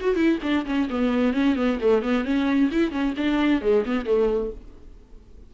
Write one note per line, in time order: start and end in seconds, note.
0.00 0.16 F#4
0.16 0.38 E4
0.43 0.65 D4
0.65 0.88 C#4
0.90 1.33 B3
1.33 1.55 C#4
1.55 1.78 B3
1.81 2.02 A3
2.02 2.24 B3
2.24 2.70 C#4
2.71 2.91 E4
2.91 3.14 C#4
3.17 3.61 D4
3.61 3.84 G#3
3.85 4.05 B3
4.05 4.51 A3